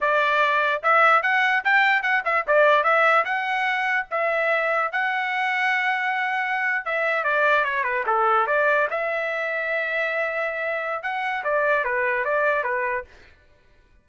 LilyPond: \new Staff \with { instrumentName = "trumpet" } { \time 4/4 \tempo 4 = 147 d''2 e''4 fis''4 | g''4 fis''8 e''8 d''4 e''4 | fis''2 e''2 | fis''1~ |
fis''8. e''4 d''4 cis''8 b'8 a'16~ | a'8. d''4 e''2~ e''16~ | e''2. fis''4 | d''4 b'4 d''4 b'4 | }